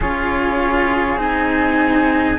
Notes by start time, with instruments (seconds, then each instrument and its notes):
0.00 cello C#4 F4, flute G#4 C#5
1.16 cello C4 D#4, flute G#5